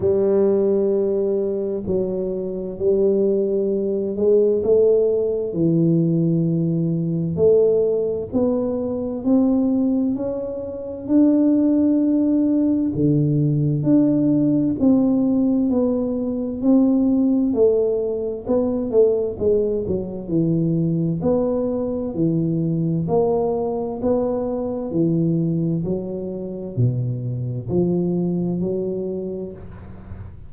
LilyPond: \new Staff \with { instrumentName = "tuba" } { \time 4/4 \tempo 4 = 65 g2 fis4 g4~ | g8 gis8 a4 e2 | a4 b4 c'4 cis'4 | d'2 d4 d'4 |
c'4 b4 c'4 a4 | b8 a8 gis8 fis8 e4 b4 | e4 ais4 b4 e4 | fis4 b,4 f4 fis4 | }